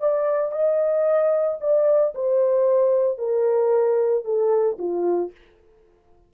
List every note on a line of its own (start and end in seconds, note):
0.00 0.52 D5
0.52 1.58 D#5
1.61 2.14 D5
2.15 3.18 C5
3.18 4.25 A#4
4.25 4.78 A4
4.79 5.32 F4